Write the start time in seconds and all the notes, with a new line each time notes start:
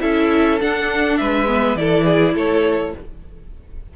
0.00 C#4 E4 A4 E5
0.60 D4 F#5
1.17 G#3 B4 E5
1.47 B3
1.75 E3 E4 A4 D5
2.05 G#4
2.35 A3 A4 C#5